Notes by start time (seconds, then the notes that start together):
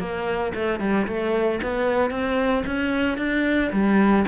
0.00 A#3
0.55 A3
0.80 G3
1.08 A3
1.63 B3
2.11 C4
2.67 C#4
3.18 D4
3.73 G3